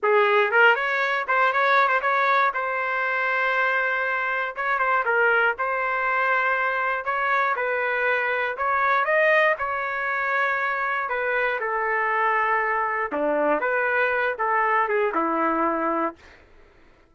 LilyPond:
\new Staff \with { instrumentName = "trumpet" } { \time 4/4 \tempo 4 = 119 gis'4 ais'8 cis''4 c''8 cis''8. c''16 | cis''4 c''2.~ | c''4 cis''8 c''8 ais'4 c''4~ | c''2 cis''4 b'4~ |
b'4 cis''4 dis''4 cis''4~ | cis''2 b'4 a'4~ | a'2 d'4 b'4~ | b'8 a'4 gis'8 e'2 | }